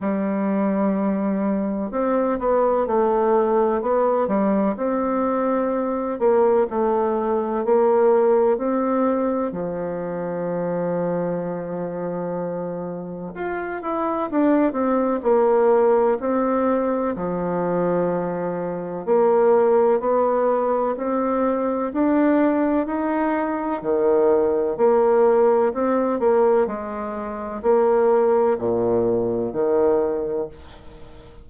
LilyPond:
\new Staff \with { instrumentName = "bassoon" } { \time 4/4 \tempo 4 = 63 g2 c'8 b8 a4 | b8 g8 c'4. ais8 a4 | ais4 c'4 f2~ | f2 f'8 e'8 d'8 c'8 |
ais4 c'4 f2 | ais4 b4 c'4 d'4 | dis'4 dis4 ais4 c'8 ais8 | gis4 ais4 ais,4 dis4 | }